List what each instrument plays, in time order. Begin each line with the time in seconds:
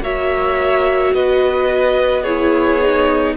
0.00 cello A#3, viola F#4, violin C#5 E5
1.14 cello B3, violin B4 D#5
2.23 viola E4, violin G#4 C#5
2.81 viola D#4